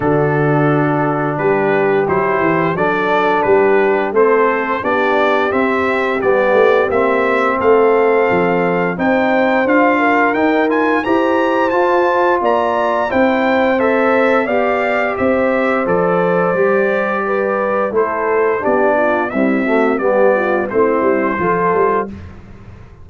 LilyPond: <<
  \new Staff \with { instrumentName = "trumpet" } { \time 4/4 \tempo 4 = 87 a'2 b'4 c''4 | d''4 b'4 c''4 d''4 | e''4 d''4 e''4 f''4~ | f''4 g''4 f''4 g''8 gis''8 |
ais''4 a''4 ais''4 g''4 | e''4 f''4 e''4 d''4~ | d''2 c''4 d''4 | e''4 d''4 c''2 | }
  \new Staff \with { instrumentName = "horn" } { \time 4/4 fis'2 g'2 | a'4 g'4 a'4 g'4~ | g'2. a'4~ | a'4 c''4. ais'4. |
c''2 d''4 c''4~ | c''4 d''4 c''2~ | c''4 b'4 a'4 g'8 f'8 | e'8 fis'8 g'8 f'8 e'4 a'4 | }
  \new Staff \with { instrumentName = "trombone" } { \time 4/4 d'2. e'4 | d'2 c'4 d'4 | c'4 b4 c'2~ | c'4 dis'4 f'4 dis'8 f'8 |
g'4 f'2 e'4 | a'4 g'2 a'4 | g'2 e'4 d'4 | g8 a8 b4 c'4 f'4 | }
  \new Staff \with { instrumentName = "tuba" } { \time 4/4 d2 g4 fis8 e8 | fis4 g4 a4 b4 | c'4 g8 a8 ais4 a4 | f4 c'4 d'4 dis'4 |
e'4 f'4 ais4 c'4~ | c'4 b4 c'4 f4 | g2 a4 b4 | c'4 g4 a8 g8 f8 g8 | }
>>